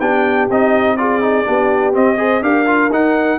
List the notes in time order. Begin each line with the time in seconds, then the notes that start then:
0.00 B3 D4 G4 G5
0.49 C4 D#4 D#5
0.97 F4 G#4 D5
1.22 D#4
1.45 B3 D4 G4
1.93 C4 D#5
2.17 G#4 C5
2.42 D4 G4 A#4 F5
2.66 F4
2.90 D#4 F#5